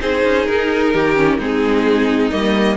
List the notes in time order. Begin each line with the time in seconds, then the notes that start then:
0.00 C4 D#4 G#4 C5
0.25 C#4
0.46 D#4 A#4
0.94 D#3 G4
1.16 C#4
1.38 G#3 C4 D#4 G#4
2.31 G3 A#3 D#5